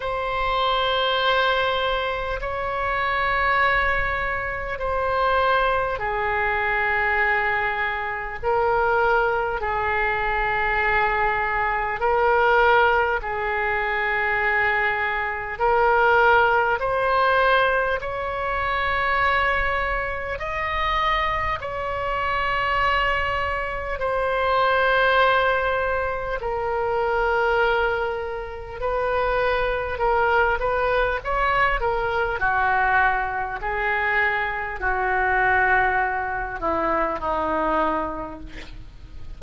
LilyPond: \new Staff \with { instrumentName = "oboe" } { \time 4/4 \tempo 4 = 50 c''2 cis''2 | c''4 gis'2 ais'4 | gis'2 ais'4 gis'4~ | gis'4 ais'4 c''4 cis''4~ |
cis''4 dis''4 cis''2 | c''2 ais'2 | b'4 ais'8 b'8 cis''8 ais'8 fis'4 | gis'4 fis'4. e'8 dis'4 | }